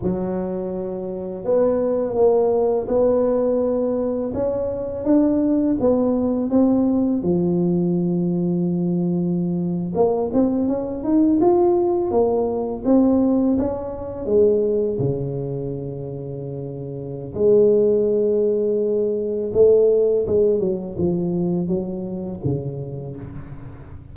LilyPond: \new Staff \with { instrumentName = "tuba" } { \time 4/4 \tempo 4 = 83 fis2 b4 ais4 | b2 cis'4 d'4 | b4 c'4 f2~ | f4.~ f16 ais8 c'8 cis'8 dis'8 f'16~ |
f'8. ais4 c'4 cis'4 gis16~ | gis8. cis2.~ cis16 | gis2. a4 | gis8 fis8 f4 fis4 cis4 | }